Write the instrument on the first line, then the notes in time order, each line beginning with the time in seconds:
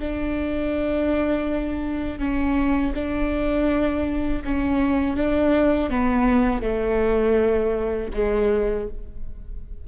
viola
0.00 D4
2.19 C#4
2.95 D4
4.45 C#4
5.17 D4
5.91 B3
6.63 A3
8.14 G#3